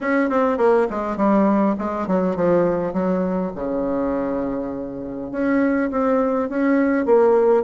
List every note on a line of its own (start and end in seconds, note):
0.00 0.29 C#4
0.29 0.57 C4
0.57 0.87 A#3
0.90 1.16 G#3
1.16 1.75 G3
1.78 2.07 G#3
2.07 2.36 F#3
2.36 2.93 F3
2.93 3.51 F#3
3.55 5.31 C#3
5.31 5.90 C#4
5.91 6.49 C4
6.49 7.05 C#4
7.05 7.63 A#3